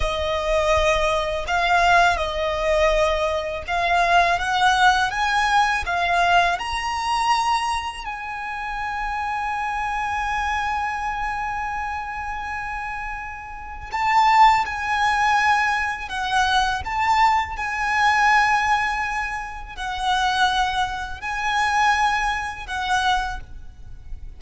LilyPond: \new Staff \with { instrumentName = "violin" } { \time 4/4 \tempo 4 = 82 dis''2 f''4 dis''4~ | dis''4 f''4 fis''4 gis''4 | f''4 ais''2 gis''4~ | gis''1~ |
gis''2. a''4 | gis''2 fis''4 a''4 | gis''2. fis''4~ | fis''4 gis''2 fis''4 | }